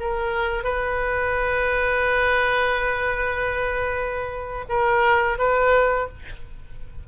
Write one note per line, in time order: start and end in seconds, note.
0.00 0.64 A#4
0.64 4.65 B4
4.69 5.38 A#4
5.38 6.08 B4